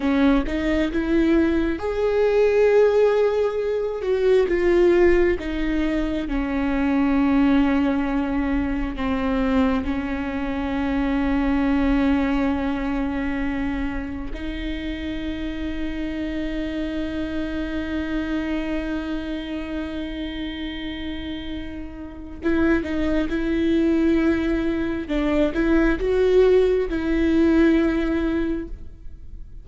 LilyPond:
\new Staff \with { instrumentName = "viola" } { \time 4/4 \tempo 4 = 67 cis'8 dis'8 e'4 gis'2~ | gis'8 fis'8 f'4 dis'4 cis'4~ | cis'2 c'4 cis'4~ | cis'1 |
dis'1~ | dis'1~ | dis'4 e'8 dis'8 e'2 | d'8 e'8 fis'4 e'2 | }